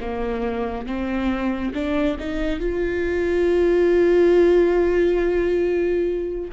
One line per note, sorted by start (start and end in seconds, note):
0.00 0.87 A#3
0.87 1.74 C4
1.74 2.18 D4
2.19 2.60 D#4
2.60 6.51 F4